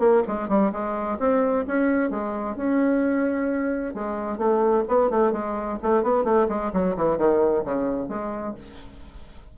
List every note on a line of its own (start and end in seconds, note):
0.00 0.23 A#3
0.28 0.49 G#3
0.49 0.72 G3
0.73 1.19 G#3
1.19 1.66 C4
1.68 2.11 C#4
2.11 2.57 G#3
2.57 3.95 C#4
3.95 4.38 G#3
4.38 4.84 A3
4.89 5.11 B3
5.11 5.33 A3
5.33 5.79 G#3
5.83 6.04 A3
6.04 6.25 B3
6.25 6.48 A3
6.49 6.72 G#3
6.73 6.97 F#3
6.97 7.18 E3
7.18 7.64 D#3
7.65 8.09 C#3
8.09 8.55 G#3